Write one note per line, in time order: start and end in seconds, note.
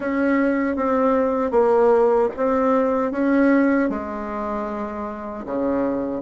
0.00 0.75 C#4
0.75 1.51 C4
1.51 2.29 A#3
2.36 3.11 C4
3.11 3.89 C#4
3.89 5.45 G#3
5.45 6.21 C#3